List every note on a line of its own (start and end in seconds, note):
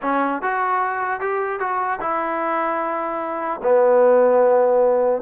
0.01 0.41 C#4
0.41 1.20 F#4
1.20 1.59 G4
1.59 1.99 F#4
2.00 3.60 E4
3.63 5.22 B3